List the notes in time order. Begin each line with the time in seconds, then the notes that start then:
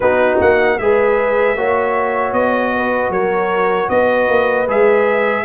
0.00 B3 D#4 F#4 B4
0.40 A#3 F#5
0.78 G#3 G#4 B4 E5
1.56 A#3 F#4 C#5
2.32 B3 D#5
2.75 B4
3.09 F#3 A#4 C#5
3.89 B3 B4 D#5
4.28 A#3
4.67 G#3 G#4 E5